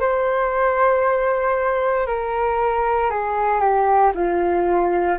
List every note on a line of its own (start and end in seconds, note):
0.00 2.06 C5
2.06 3.10 A#4
3.10 3.60 G#4
3.60 4.12 G4
4.15 5.18 F4